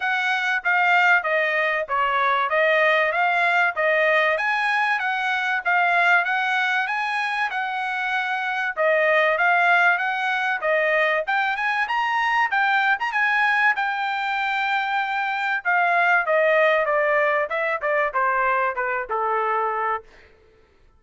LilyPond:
\new Staff \with { instrumentName = "trumpet" } { \time 4/4 \tempo 4 = 96 fis''4 f''4 dis''4 cis''4 | dis''4 f''4 dis''4 gis''4 | fis''4 f''4 fis''4 gis''4 | fis''2 dis''4 f''4 |
fis''4 dis''4 g''8 gis''8 ais''4 | g''8. ais''16 gis''4 g''2~ | g''4 f''4 dis''4 d''4 | e''8 d''8 c''4 b'8 a'4. | }